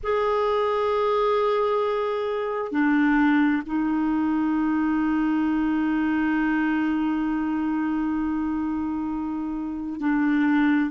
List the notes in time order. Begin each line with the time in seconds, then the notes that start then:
0.03 G#4
2.71 D4
3.66 D#4
10.00 D4